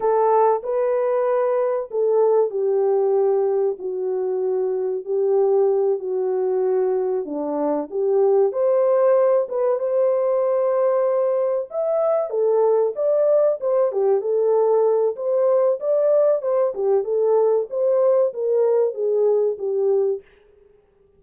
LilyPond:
\new Staff \with { instrumentName = "horn" } { \time 4/4 \tempo 4 = 95 a'4 b'2 a'4 | g'2 fis'2 | g'4. fis'2 d'8~ | d'8 g'4 c''4. b'8 c''8~ |
c''2~ c''8 e''4 a'8~ | a'8 d''4 c''8 g'8 a'4. | c''4 d''4 c''8 g'8 a'4 | c''4 ais'4 gis'4 g'4 | }